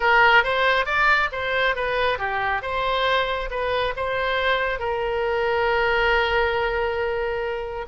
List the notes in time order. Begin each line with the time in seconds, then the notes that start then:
0.00 A#4
0.43 C5
0.85 D5
1.32 C5
1.75 B4
2.18 G4
2.62 C5
3.50 B4
3.96 C5
4.79 A#4